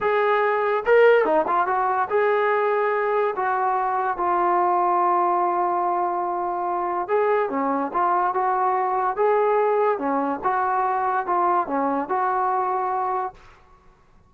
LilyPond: \new Staff \with { instrumentName = "trombone" } { \time 4/4 \tempo 4 = 144 gis'2 ais'4 dis'8 f'8 | fis'4 gis'2. | fis'2 f'2~ | f'1~ |
f'4 gis'4 cis'4 f'4 | fis'2 gis'2 | cis'4 fis'2 f'4 | cis'4 fis'2. | }